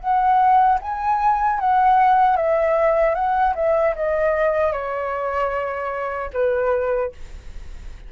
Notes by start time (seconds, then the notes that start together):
0.00 F#5
0.81 G#5
1.60 F#5
2.36 E5
3.14 F#5
3.55 E5
3.95 D#5
4.72 C#5
6.33 B4